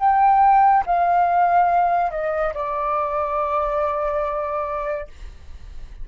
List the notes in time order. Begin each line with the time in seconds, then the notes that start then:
0.00 G5
0.86 F5
2.11 D#5
2.55 D5